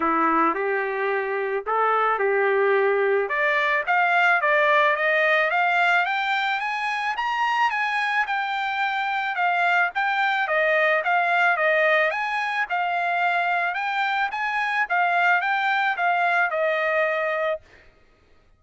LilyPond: \new Staff \with { instrumentName = "trumpet" } { \time 4/4 \tempo 4 = 109 e'4 g'2 a'4 | g'2 d''4 f''4 | d''4 dis''4 f''4 g''4 | gis''4 ais''4 gis''4 g''4~ |
g''4 f''4 g''4 dis''4 | f''4 dis''4 gis''4 f''4~ | f''4 g''4 gis''4 f''4 | g''4 f''4 dis''2 | }